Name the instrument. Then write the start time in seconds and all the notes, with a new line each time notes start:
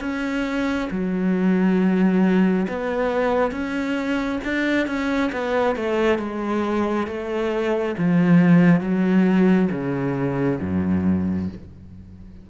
cello
0.00 C#4
0.90 F#3
2.68 B3
3.51 C#4
4.44 D4
4.87 C#4
5.32 B3
5.76 A3
6.18 G#3
7.07 A3
7.98 F3
8.80 F#3
9.71 C#3
10.60 F#2